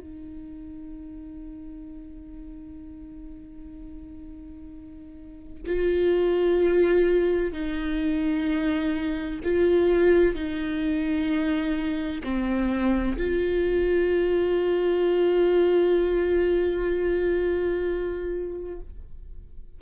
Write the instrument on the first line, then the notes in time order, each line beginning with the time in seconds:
viola
0.00 D#4
5.67 F4
7.53 D#4
9.44 F4
10.35 D#4
12.23 C4
13.18 F4